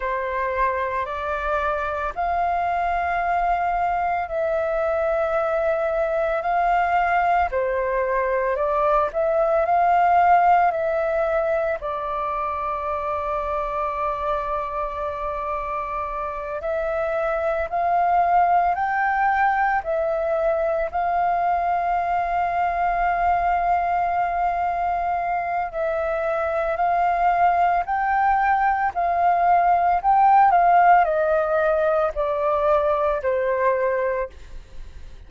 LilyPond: \new Staff \with { instrumentName = "flute" } { \time 4/4 \tempo 4 = 56 c''4 d''4 f''2 | e''2 f''4 c''4 | d''8 e''8 f''4 e''4 d''4~ | d''2.~ d''8 e''8~ |
e''8 f''4 g''4 e''4 f''8~ | f''1 | e''4 f''4 g''4 f''4 | g''8 f''8 dis''4 d''4 c''4 | }